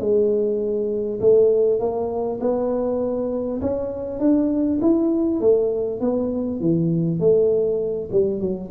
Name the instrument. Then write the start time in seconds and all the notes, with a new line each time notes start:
tuba
0.00 G#3
1.21 A3
1.79 A#3
2.41 B3
3.61 C#4
4.20 D4
4.81 E4
5.41 A3
6.01 B3
6.61 E3
7.20 A3
8.12 G3
8.41 F#3